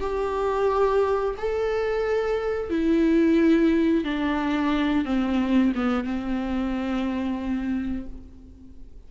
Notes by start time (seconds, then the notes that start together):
0.00 G4
1.38 A4
2.70 E4
4.04 D4
5.05 C4
5.75 B3
6.04 C4